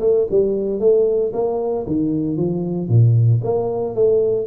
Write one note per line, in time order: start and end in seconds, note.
0.00 0.26 A3
0.30 0.79 G3
0.79 1.32 A3
1.33 1.86 A#3
1.86 2.37 D#3
2.37 2.88 F3
2.88 3.41 A#2
3.44 3.94 A#3
3.94 4.46 A3